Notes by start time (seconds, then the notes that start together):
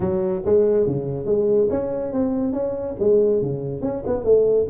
0.00 F#3
0.45 G#3
0.86 C#3
1.25 G#3
1.69 C#4
2.12 C4
2.52 C#4
2.99 G#3
3.42 C#3
3.81 C#4
4.06 B3
4.24 A3